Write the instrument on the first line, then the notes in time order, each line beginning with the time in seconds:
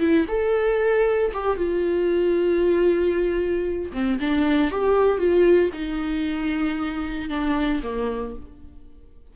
viola
0.00 E4
0.28 A4
1.34 G4
1.57 F4
3.93 C4
4.20 D4
4.71 G4
5.18 F4
5.73 D#4
7.29 D4
7.83 A#3